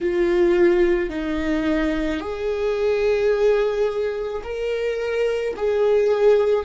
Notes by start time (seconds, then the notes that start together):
0.01 F4
1.09 D#4
2.20 G#4
4.43 A#4
5.56 G#4